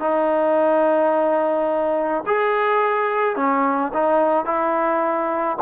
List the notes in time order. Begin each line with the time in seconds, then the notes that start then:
0.00 D#4
2.27 G#4
3.36 C#4
3.94 D#4
4.46 E4